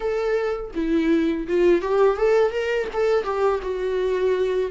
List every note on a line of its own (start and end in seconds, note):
0.00 0.71 A4
0.75 1.47 E4
1.47 1.81 F4
1.81 2.17 G4
2.17 2.51 A4
2.51 2.87 A#4
2.93 3.24 A4
3.24 3.60 G4
3.62 4.70 F#4